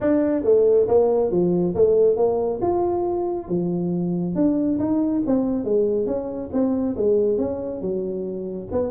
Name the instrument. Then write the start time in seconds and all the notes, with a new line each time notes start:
tuba
0.00 D4
0.43 A3
0.88 A#3
1.30 F3
1.74 A3
2.16 A#3
2.61 F4
3.48 F3
4.35 D4
4.79 D#4
5.26 C4
5.64 G#3
6.06 C#4
6.52 C4
6.96 G#3
7.38 C#4
7.81 F#3
8.71 B3